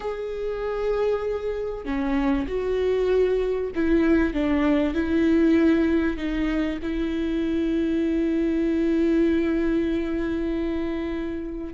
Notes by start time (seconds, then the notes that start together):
0.00 G#4
1.85 C#4
2.47 F#4
3.75 E4
4.33 D4
4.93 E4
6.17 D#4
6.82 E4